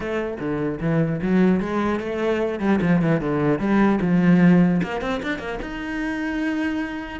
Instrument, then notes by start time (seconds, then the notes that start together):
cello
0.00 A3
0.39 D3
0.80 E3
1.21 F#3
1.60 G#3
1.99 A3
2.59 G3
2.81 F3
3.01 E3
3.21 D3
3.59 G3
4.01 F3
4.83 A#3
5.01 C4
5.22 D4
5.38 A#3
5.62 D#4